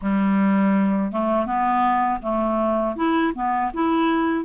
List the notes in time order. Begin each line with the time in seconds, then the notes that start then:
0.01 G3
1.11 A3
1.46 B3
2.22 A3
2.96 E4
3.34 B3
3.73 E4